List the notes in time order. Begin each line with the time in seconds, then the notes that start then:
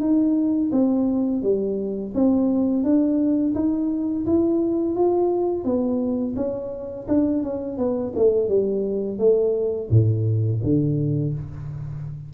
0.00 D#4
0.72 C4
1.42 G3
2.14 C4
2.83 D4
3.55 D#4
4.26 E4
4.95 F4
5.64 B3
6.36 C#4
7.08 D4
7.43 C#4
7.77 B3
8.16 A3
8.48 G3
9.18 A3
9.90 A2
10.63 D3